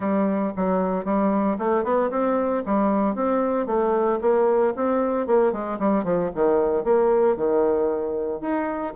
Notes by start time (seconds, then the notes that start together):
0.00 G3
0.56 F#3
1.04 G3
1.58 A3
1.83 B3
2.10 C4
2.65 G3
3.15 C4
3.66 A3
4.21 A#3
4.76 C4
5.26 A#3
5.52 G#3
5.79 G3
6.04 F3
6.34 D#3
6.84 A#3
7.36 D#3
8.41 D#4